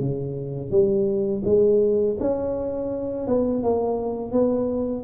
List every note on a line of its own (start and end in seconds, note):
0.00 0.71 C#3
0.71 1.43 G3
1.45 2.17 G#3
2.20 3.27 C#4
3.27 3.63 B3
3.63 4.32 A#3
4.32 5.04 B3